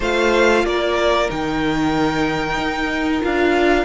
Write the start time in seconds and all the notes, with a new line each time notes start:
0.00 A3 F4 C5 F5
0.64 A#3 A#4 D5
1.28 D#3 D#4 G5
2.57 D#4
3.21 D4 F4 F5